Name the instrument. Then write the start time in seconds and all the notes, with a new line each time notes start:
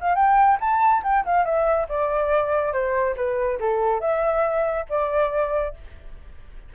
flute
0.00 F5
0.15 G5
0.60 A5
1.03 G5
1.25 F5
1.44 E5
1.89 D5
2.72 C5
3.16 B4
3.59 A4
4.00 E5
4.89 D5